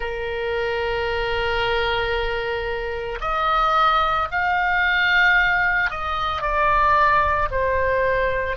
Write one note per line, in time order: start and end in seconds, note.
0.00 3.19 A#4
3.20 4.28 D#5
4.31 5.90 F5
5.90 6.41 D#5
6.41 7.48 D5
7.50 8.56 C5